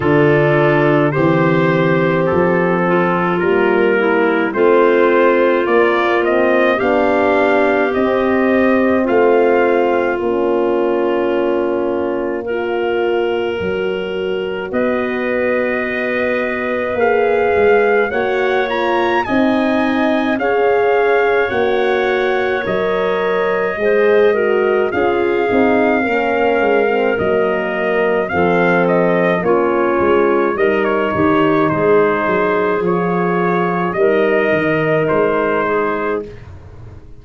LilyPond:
<<
  \new Staff \with { instrumentName = "trumpet" } { \time 4/4 \tempo 4 = 53 a'4 c''4 a'4 ais'4 | c''4 d''8 dis''8 f''4 dis''4 | f''4 cis''2.~ | cis''4 dis''2 f''4 |
fis''8 ais''8 gis''4 f''4 fis''4 | dis''2 f''2 | dis''4 f''8 dis''8 cis''4 dis''16 cis''8. | c''4 cis''4 dis''4 c''4 | }
  \new Staff \with { instrumentName = "clarinet" } { \time 4/4 f'4 g'4. f'4 e'8 | f'2 g'2 | f'2. ais'4~ | ais'4 b'2. |
cis''4 dis''4 cis''2~ | cis''4 c''8 ais'8 gis'4 ais'4~ | ais'4 a'4 f'4 ais'8 g'8 | gis'2 ais'4. gis'8 | }
  \new Staff \with { instrumentName = "horn" } { \time 4/4 d'4 c'2 ais4 | c'4 ais8 c'8 d'4 c'4~ | c'4 cis'2 f'4 | fis'2. gis'4 |
fis'8 f'8 dis'4 gis'4 fis'4 | ais'4 gis'8 fis'8 f'8 dis'8 cis'8. c'16 | ais4 c'4 cis'4 dis'4~ | dis'4 f'4 dis'2 | }
  \new Staff \with { instrumentName = "tuba" } { \time 4/4 d4 e4 f4 g4 | a4 ais4 b4 c'4 | a4 ais2. | fis4 b2 ais8 gis8 |
ais4 c'4 cis'4 ais4 | fis4 gis4 cis'8 c'8 ais8 gis8 | fis4 f4 ais8 gis8 g8 dis8 | gis8 fis8 f4 g8 dis8 gis4 | }
>>